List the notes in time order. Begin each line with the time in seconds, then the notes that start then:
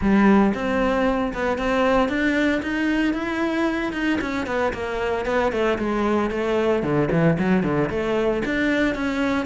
0.01 G3
0.54 C4
1.33 B3
1.58 C4
2.08 D4
2.62 D#4
3.13 E4
3.93 D#4
4.21 C#4
4.46 B3
4.73 A#3
5.25 B3
5.51 A3
5.78 G#3
6.30 A3
6.82 D3
7.11 E3
7.38 F#3
7.63 D3
7.90 A3
8.45 D4
8.94 C#4